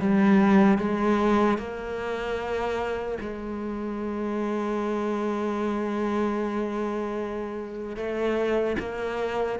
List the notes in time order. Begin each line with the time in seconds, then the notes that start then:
0.00 G3
0.79 G#3
1.59 A#3
3.21 G#3
7.97 A3
8.80 A#3